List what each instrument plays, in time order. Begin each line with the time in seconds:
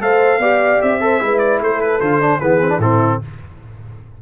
0.00 tuba A3, trombone A4, horn C5, trumpet F5
0.39 tuba B3, trombone G4, horn D5
0.82 tuba C4, trumpet E5
1.01 trombone A4, horn C5
1.20 tuba G#3, trombone E4, horn B4
1.39 trumpet D5
1.61 tuba A3, horn A4, trumpet C5
1.81 trumpet B4
2.00 tuba D3, trombone F4, trumpet C5
2.20 trombone D4
2.40 tuba E3, trombone B3, horn G#4, trumpet B4
2.60 trombone C4
2.69 trombone D4
2.79 tuba A2, trombone C4, horn E4, trumpet A4